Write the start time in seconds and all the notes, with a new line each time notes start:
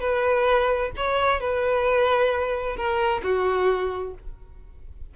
0.00 B4
0.96 C#5
1.40 B4
2.76 A#4
3.23 F#4